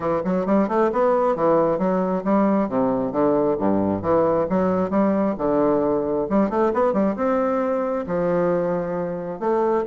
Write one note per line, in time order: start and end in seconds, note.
0.00 0.22 E3
0.24 0.46 F#3
0.46 0.68 G3
0.68 0.90 A3
0.92 1.35 B3
1.35 1.78 E3
1.78 2.23 F#3
2.24 2.68 G3
2.68 3.12 C3
3.12 3.57 D3
3.58 4.02 G2
4.02 4.47 E3
4.49 4.90 F#3
4.90 5.35 G3
5.38 6.27 D3
6.29 6.49 G3
6.49 6.72 A3
6.73 6.93 B3
6.93 7.15 G3
7.16 8.05 C4
8.07 9.39 F3
9.39 9.84 A3